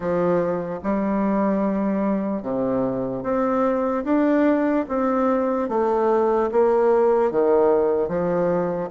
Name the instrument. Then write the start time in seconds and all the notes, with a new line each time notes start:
bassoon
0.00 F3
0.83 G3
2.42 C3
3.22 C4
4.04 D4
4.88 C4
5.69 A3
6.51 A#3
7.31 D#3
8.08 F3